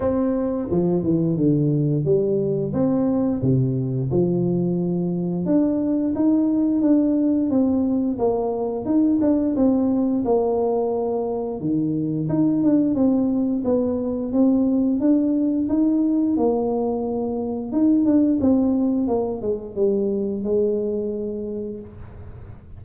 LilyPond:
\new Staff \with { instrumentName = "tuba" } { \time 4/4 \tempo 4 = 88 c'4 f8 e8 d4 g4 | c'4 c4 f2 | d'4 dis'4 d'4 c'4 | ais4 dis'8 d'8 c'4 ais4~ |
ais4 dis4 dis'8 d'8 c'4 | b4 c'4 d'4 dis'4 | ais2 dis'8 d'8 c'4 | ais8 gis8 g4 gis2 | }